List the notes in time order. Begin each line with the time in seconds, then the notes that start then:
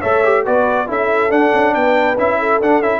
0.00 A3 A4 C#5 E5
0.24 G4
0.45 B3 F#4 B4 D5
0.86 C#4 E4 A4 E5
1.29 D4 F#5
1.53 C#4
1.74 B3 B4 G5
2.17 C#4 E4 E5
2.39 A4
2.60 D4 F#5
2.80 C#4 E4 E5